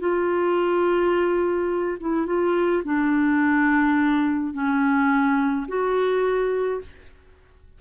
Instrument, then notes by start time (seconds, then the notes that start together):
clarinet
0.00 F4
2.00 E4
2.26 F4
2.85 D4
4.54 C#4
5.68 F#4